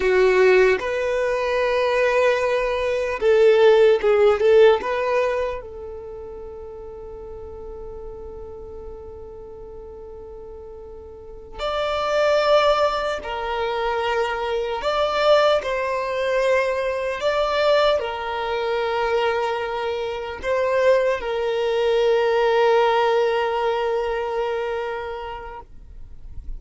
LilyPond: \new Staff \with { instrumentName = "violin" } { \time 4/4 \tempo 4 = 75 fis'4 b'2. | a'4 gis'8 a'8 b'4 a'4~ | a'1~ | a'2~ a'8 d''4.~ |
d''8 ais'2 d''4 c''8~ | c''4. d''4 ais'4.~ | ais'4. c''4 ais'4.~ | ais'1 | }